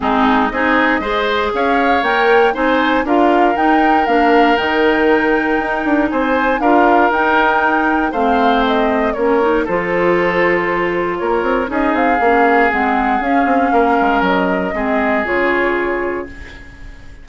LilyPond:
<<
  \new Staff \with { instrumentName = "flute" } { \time 4/4 \tempo 4 = 118 gis'4 dis''2 f''4 | g''4 gis''4 f''4 g''4 | f''4 g''2. | gis''4 f''4 g''2 |
f''4 dis''4 cis''4 c''4~ | c''2 cis''4 dis''8 f''8~ | f''4 fis''4 f''2 | dis''2 cis''2 | }
  \new Staff \with { instrumentName = "oboe" } { \time 4/4 dis'4 gis'4 c''4 cis''4~ | cis''4 c''4 ais'2~ | ais'1 | c''4 ais'2. |
c''2 ais'4 a'4~ | a'2 ais'4 gis'4~ | gis'2. ais'4~ | ais'4 gis'2. | }
  \new Staff \with { instrumentName = "clarinet" } { \time 4/4 c'4 dis'4 gis'2 | ais'4 dis'4 f'4 dis'4 | d'4 dis'2.~ | dis'4 f'4 dis'2 |
c'2 cis'8 dis'8 f'4~ | f'2. dis'4 | cis'4 c'4 cis'2~ | cis'4 c'4 f'2 | }
  \new Staff \with { instrumentName = "bassoon" } { \time 4/4 gis4 c'4 gis4 cis'4 | ais4 c'4 d'4 dis'4 | ais4 dis2 dis'8 d'8 | c'4 d'4 dis'2 |
a2 ais4 f4~ | f2 ais8 c'8 cis'8 c'8 | ais4 gis4 cis'8 c'8 ais8 gis8 | fis4 gis4 cis2 | }
>>